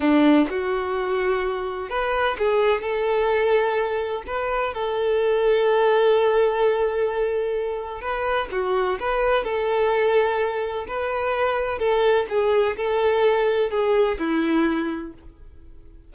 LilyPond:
\new Staff \with { instrumentName = "violin" } { \time 4/4 \tempo 4 = 127 d'4 fis'2. | b'4 gis'4 a'2~ | a'4 b'4 a'2~ | a'1~ |
a'4 b'4 fis'4 b'4 | a'2. b'4~ | b'4 a'4 gis'4 a'4~ | a'4 gis'4 e'2 | }